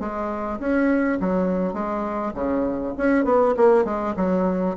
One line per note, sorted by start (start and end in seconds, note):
0.00 0.59 G#3
0.60 1.19 C#4
1.21 1.74 F#3
1.74 2.33 G#3
2.35 2.94 C#3
2.98 3.25 C#4
3.25 3.55 B3
3.57 3.85 A#3
3.85 4.15 G#3
4.17 4.77 F#3